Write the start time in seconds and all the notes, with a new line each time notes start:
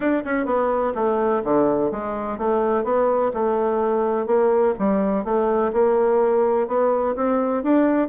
0.00 D4
0.24 C#4
0.45 B3
0.94 A3
1.44 D3
1.91 G#3
2.38 A3
2.84 B3
3.33 A3
4.26 A#3
4.79 G3
5.24 A3
5.72 A#3
6.67 B3
7.15 C4
7.63 D4